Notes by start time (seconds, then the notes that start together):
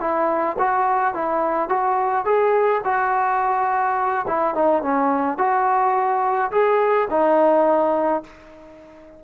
0.00 E4
0.58 F#4
1.14 E4
1.69 F#4
2.25 G#4
2.85 F#4
4.27 E4
4.55 D#4
4.82 C#4
5.38 F#4
6.51 G#4
7.10 D#4